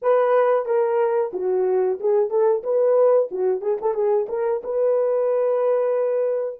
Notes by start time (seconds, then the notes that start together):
0.02 B4
0.65 A#4
1.33 F#4
1.99 G#4
2.30 A4
2.63 B4
3.31 F#4
3.61 G#4
3.81 A4
3.94 G#4
4.29 A#4
4.63 B4